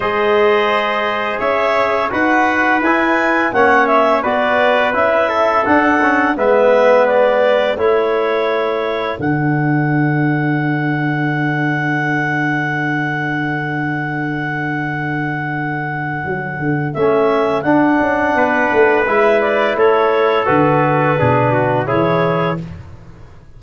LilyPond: <<
  \new Staff \with { instrumentName = "clarinet" } { \time 4/4 \tempo 4 = 85 dis''2 e''4 fis''4 | gis''4 fis''8 e''8 d''4 e''4 | fis''4 e''4 d''4 cis''4~ | cis''4 fis''2.~ |
fis''1~ | fis''1 | e''4 fis''2 e''8 d''8 | cis''4 b'2 cis''4 | }
  \new Staff \with { instrumentName = "trumpet" } { \time 4/4 c''2 cis''4 b'4~ | b'4 cis''4 b'4. a'8~ | a'4 b'2 a'4~ | a'1~ |
a'1~ | a'1~ | a'2 b'2 | a'2 gis'8 fis'8 gis'4 | }
  \new Staff \with { instrumentName = "trombone" } { \time 4/4 gis'2. fis'4 | e'4 cis'4 fis'4 e'4 | d'8 cis'8 b2 e'4~ | e'4 d'2.~ |
d'1~ | d'1 | cis'4 d'2 e'4~ | e'4 fis'4 d'4 e'4 | }
  \new Staff \with { instrumentName = "tuba" } { \time 4/4 gis2 cis'4 dis'4 | e'4 ais4 b4 cis'4 | d'4 gis2 a4~ | a4 d2.~ |
d1~ | d2. fis8 d8 | a4 d'8 cis'8 b8 a8 gis4 | a4 d4 b,4 e4 | }
>>